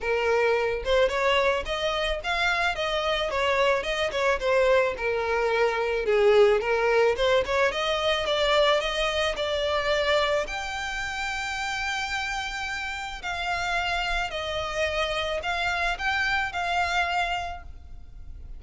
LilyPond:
\new Staff \with { instrumentName = "violin" } { \time 4/4 \tempo 4 = 109 ais'4. c''8 cis''4 dis''4 | f''4 dis''4 cis''4 dis''8 cis''8 | c''4 ais'2 gis'4 | ais'4 c''8 cis''8 dis''4 d''4 |
dis''4 d''2 g''4~ | g''1 | f''2 dis''2 | f''4 g''4 f''2 | }